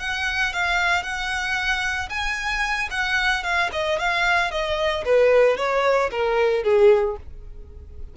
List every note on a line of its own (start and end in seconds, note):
0.00 0.53 F#5
0.53 1.03 F5
1.03 2.09 F#5
2.10 2.89 G#5
2.91 3.44 F#5
3.44 3.70 F5
3.73 3.99 D#5
3.99 4.51 F5
4.51 5.04 D#5
5.05 5.58 B4
5.58 6.11 C#5
6.11 6.64 A#4
6.64 7.17 G#4